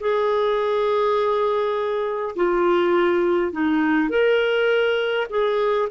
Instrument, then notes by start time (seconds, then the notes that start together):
clarinet
0.00 G#4
2.36 F4
3.52 D#4
4.09 A#4
5.29 G#4